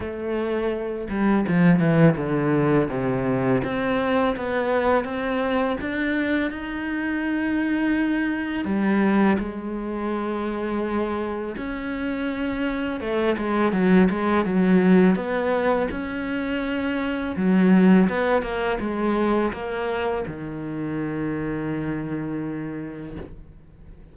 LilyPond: \new Staff \with { instrumentName = "cello" } { \time 4/4 \tempo 4 = 83 a4. g8 f8 e8 d4 | c4 c'4 b4 c'4 | d'4 dis'2. | g4 gis2. |
cis'2 a8 gis8 fis8 gis8 | fis4 b4 cis'2 | fis4 b8 ais8 gis4 ais4 | dis1 | }